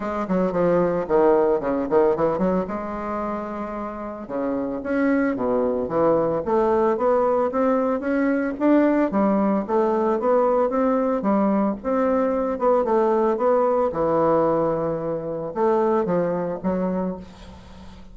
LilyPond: \new Staff \with { instrumentName = "bassoon" } { \time 4/4 \tempo 4 = 112 gis8 fis8 f4 dis4 cis8 dis8 | e8 fis8 gis2. | cis4 cis'4 b,4 e4 | a4 b4 c'4 cis'4 |
d'4 g4 a4 b4 | c'4 g4 c'4. b8 | a4 b4 e2~ | e4 a4 f4 fis4 | }